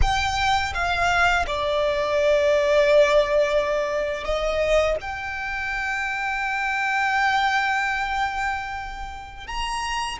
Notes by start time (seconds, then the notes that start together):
0.01 G5
0.74 F5
1.46 D5
4.24 D#5
5.00 G5
9.47 A#5